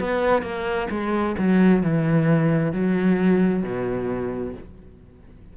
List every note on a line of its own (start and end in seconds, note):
0.00 0.42 B3
0.42 0.88 A#3
0.90 1.36 G#3
1.38 1.83 F#3
1.83 2.73 E3
2.73 3.63 F#3
3.63 4.54 B2